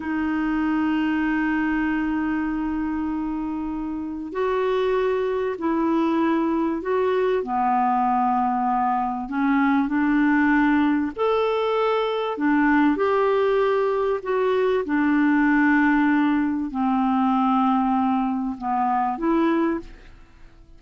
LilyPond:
\new Staff \with { instrumentName = "clarinet" } { \time 4/4 \tempo 4 = 97 dis'1~ | dis'2. fis'4~ | fis'4 e'2 fis'4 | b2. cis'4 |
d'2 a'2 | d'4 g'2 fis'4 | d'2. c'4~ | c'2 b4 e'4 | }